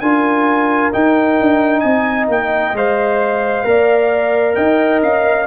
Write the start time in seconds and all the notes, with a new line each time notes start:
0.00 D4 F4 A#4 G#5
0.92 D#4 G5
1.40 D4
1.80 C4 D#5 G#5
2.28 A#3 G5
2.73 G#3 C5 F5
3.64 A#3 A#4 D5
4.55 D#4 D#5 G5
5.02 C#4 F5